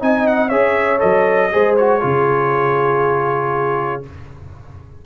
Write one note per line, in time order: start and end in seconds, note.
0.00 0.52 C4
0.00 0.50 D#4
0.00 0.49 D#5
0.00 0.28 G#5
0.28 0.49 F#5
0.49 1.02 C#4
0.49 0.99 G#4
0.49 1.50 C#5
0.49 1.00 E5
0.99 1.54 F#3
0.99 1.50 A4
0.99 1.76 D#5
1.52 2.04 G#3
1.52 1.77 G#4
1.52 2.03 C5
1.76 2.01 F#4
1.76 4.03 C#5
2.01 4.05 C#3
2.01 4.03 F4
2.01 4.06 G#4